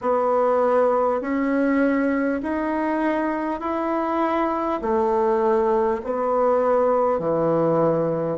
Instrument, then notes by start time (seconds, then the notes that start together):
bassoon
0.01 B3
1.21 C#4
2.42 D#4
3.60 E4
4.81 A3
6.03 B3
7.19 E3